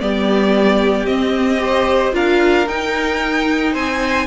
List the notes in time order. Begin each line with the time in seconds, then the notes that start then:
0.00 G3 B3 G4 D5
1.06 C4 D#5
1.58 G4 C5
2.12 D4 F4 A#4 F5
2.67 D#4 G5
3.73 C4 C5 G#5